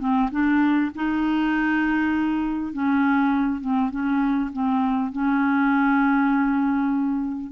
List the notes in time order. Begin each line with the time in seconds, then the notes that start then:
0.00 C4
0.32 D4
0.96 D#4
2.73 C#4
3.61 C4
3.91 C#4
4.53 C4
5.12 C#4